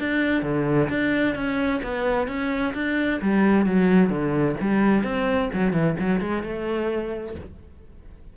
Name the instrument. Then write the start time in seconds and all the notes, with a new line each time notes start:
cello
0.00 D4
0.43 D3
0.90 D4
1.36 C#4
1.83 B3
2.28 C#4
2.74 D4
3.22 G3
3.66 F#3
4.10 D3
4.61 G3
5.04 C4
5.53 F#3
5.73 E3
6.00 F#3
6.21 G#3
6.43 A3